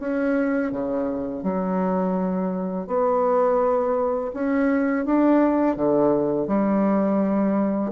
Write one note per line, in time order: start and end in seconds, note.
0.00 0.72 C#4
0.72 1.44 C#3
1.44 2.87 F#3
2.87 4.32 B3
4.34 5.06 C#4
5.06 5.77 D4
5.77 6.48 D3
6.48 7.92 G3